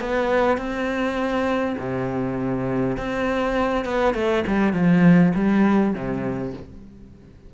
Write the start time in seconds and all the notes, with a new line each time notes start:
0.00 B3
0.57 C4
1.78 C3
2.97 C4
3.85 B3
4.14 A3
4.47 G3
4.73 F3
5.34 G3
5.94 C3